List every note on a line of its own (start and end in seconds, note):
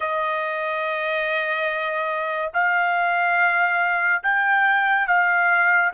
0.00 2.51 D#5
2.54 4.23 F5
4.23 5.07 G5
5.07 5.92 F5